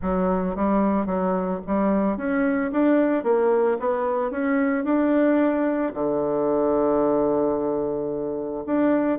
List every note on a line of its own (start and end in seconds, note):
0.01 0.55 F#3
0.55 1.06 G3
1.06 1.60 F#3
1.66 2.17 G3
2.17 2.71 C#4
2.72 3.23 D4
3.23 3.77 A#3
3.79 4.30 B3
4.30 4.84 C#4
4.84 5.92 D4
5.93 8.64 D3
8.65 9.18 D4